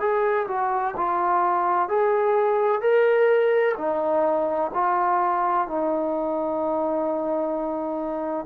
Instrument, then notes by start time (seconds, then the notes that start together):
trombone
0.00 G#4
0.48 F#4
0.97 F4
1.89 G#4
2.82 A#4
3.78 D#4
4.74 F4
5.68 D#4